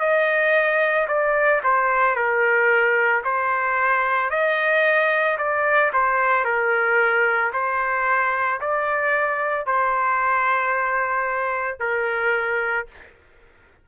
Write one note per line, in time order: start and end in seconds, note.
0.00 1.07 D#5
1.08 1.62 D5
1.64 2.16 C5
2.16 3.23 A#4
3.24 4.31 C5
4.31 5.38 D#5
5.38 5.92 D5
5.93 6.45 C5
6.45 7.52 A#4
7.53 8.61 C5
8.61 9.66 D5
9.66 11.80 C5
11.80 12.87 A#4